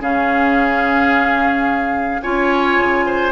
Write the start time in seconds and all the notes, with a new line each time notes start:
0.00 C#3 C#4 G#4 F5
2.22 C#4 F4 C#5 G#5
2.77 C#3
3.06 C5